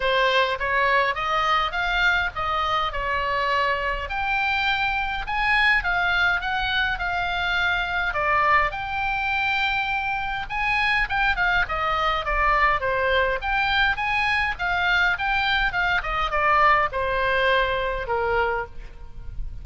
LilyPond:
\new Staff \with { instrumentName = "oboe" } { \time 4/4 \tempo 4 = 103 c''4 cis''4 dis''4 f''4 | dis''4 cis''2 g''4~ | g''4 gis''4 f''4 fis''4 | f''2 d''4 g''4~ |
g''2 gis''4 g''8 f''8 | dis''4 d''4 c''4 g''4 | gis''4 f''4 g''4 f''8 dis''8 | d''4 c''2 ais'4 | }